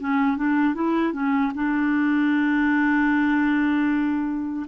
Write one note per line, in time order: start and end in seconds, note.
0.00 0.37 C#4
0.37 0.75 D4
0.75 1.13 E4
1.13 1.52 C#4
1.55 4.66 D4